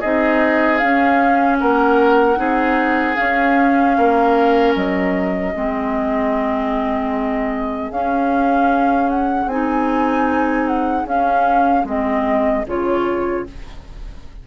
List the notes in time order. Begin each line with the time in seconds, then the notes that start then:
0.00 C4 D#4 G#4 D#5
0.78 C#4 F5
1.59 A#3 A#4 F#5
2.36 C4 D#4 G#4
3.16 C#4 F5
3.98 A#3 A#4
4.75 F#3 D#5
5.53 G#3 C4 G#4
7.90 C#4 F5
9.10 F#5
9.46 C4 D#4 G#5
10.67 F#5
11.05 C#4 F5
11.84 G#3 C4 D#5
12.67 C#3 F4 C#5